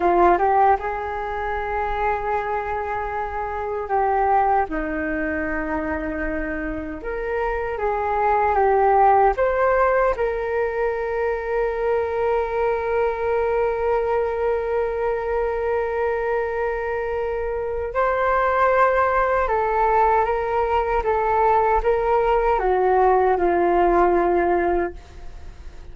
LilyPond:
\new Staff \with { instrumentName = "flute" } { \time 4/4 \tempo 4 = 77 f'8 g'8 gis'2.~ | gis'4 g'4 dis'2~ | dis'4 ais'4 gis'4 g'4 | c''4 ais'2.~ |
ais'1~ | ais'2. c''4~ | c''4 a'4 ais'4 a'4 | ais'4 fis'4 f'2 | }